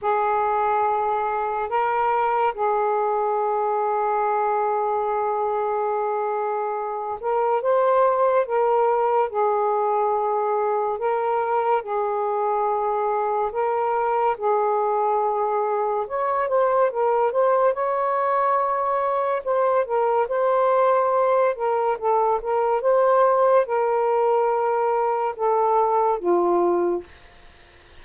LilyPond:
\new Staff \with { instrumentName = "saxophone" } { \time 4/4 \tempo 4 = 71 gis'2 ais'4 gis'4~ | gis'1~ | gis'8 ais'8 c''4 ais'4 gis'4~ | gis'4 ais'4 gis'2 |
ais'4 gis'2 cis''8 c''8 | ais'8 c''8 cis''2 c''8 ais'8 | c''4. ais'8 a'8 ais'8 c''4 | ais'2 a'4 f'4 | }